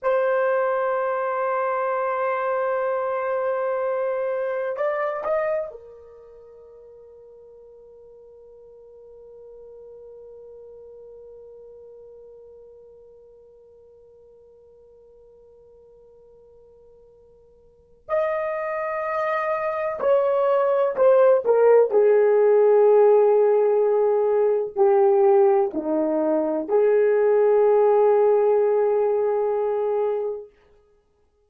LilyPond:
\new Staff \with { instrumentName = "horn" } { \time 4/4 \tempo 4 = 63 c''1~ | c''4 d''8 dis''8 ais'2~ | ais'1~ | ais'1~ |
ais'2. dis''4~ | dis''4 cis''4 c''8 ais'8 gis'4~ | gis'2 g'4 dis'4 | gis'1 | }